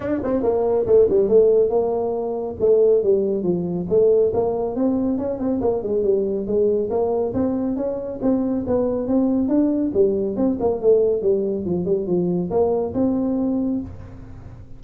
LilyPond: \new Staff \with { instrumentName = "tuba" } { \time 4/4 \tempo 4 = 139 d'8 c'8 ais4 a8 g8 a4 | ais2 a4 g4 | f4 a4 ais4 c'4 | cis'8 c'8 ais8 gis8 g4 gis4 |
ais4 c'4 cis'4 c'4 | b4 c'4 d'4 g4 | c'8 ais8 a4 g4 f8 g8 | f4 ais4 c'2 | }